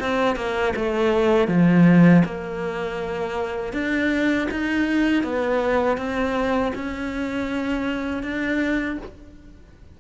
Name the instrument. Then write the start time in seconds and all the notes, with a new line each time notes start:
cello
0.00 C4
0.36 A#3
0.76 A3
1.48 F3
2.25 A#3
3.73 D4
4.51 D#4
5.23 B3
5.98 C4
6.75 C#4
8.23 D4